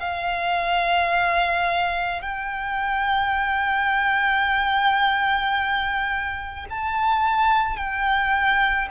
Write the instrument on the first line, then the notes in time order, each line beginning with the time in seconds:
violin
0.00 F5
2.22 G5
6.70 A5
7.77 G5